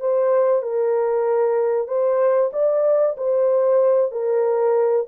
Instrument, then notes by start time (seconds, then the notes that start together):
horn
0.00 C5
0.62 A#4
1.87 C5
2.52 D5
3.17 C5
4.11 A#4